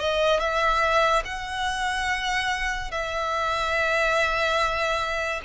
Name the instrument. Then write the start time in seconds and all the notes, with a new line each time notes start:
violin
0.00 D#5
0.40 E5
1.25 F#5
2.92 E5